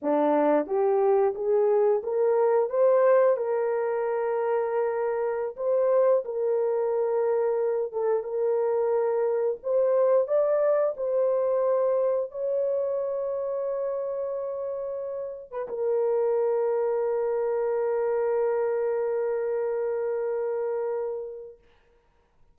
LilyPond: \new Staff \with { instrumentName = "horn" } { \time 4/4 \tempo 4 = 89 d'4 g'4 gis'4 ais'4 | c''4 ais'2.~ | ais'16 c''4 ais'2~ ais'8 a'16~ | a'16 ais'2 c''4 d''8.~ |
d''16 c''2 cis''4.~ cis''16~ | cis''2. b'16 ais'8.~ | ais'1~ | ais'1 | }